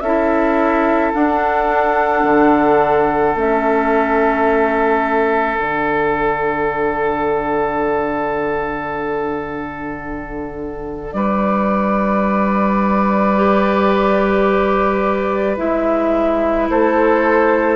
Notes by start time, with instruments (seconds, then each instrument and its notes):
0.00 bassoon C#4, clarinet E4, oboe A4, flute E5
1.14 clarinet D4, bassoon D4, flute F#5
2.24 bassoon D3
3.36 bassoon A3, clarinet C#4, flute E5
5.57 bassoon D3, clarinet D4, flute F#5
11.12 bassoon G3, oboe B4, flute D5
13.36 clarinet G4
15.57 bassoon G#3, clarinet E4, flute E5
16.70 bassoon A3, oboe A4, flute C5